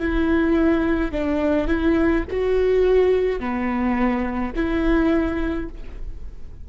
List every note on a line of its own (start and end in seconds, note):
0.00 1.12 E4
1.12 1.68 D4
1.68 2.24 E4
2.31 3.40 F#4
3.40 4.53 B3
4.56 5.69 E4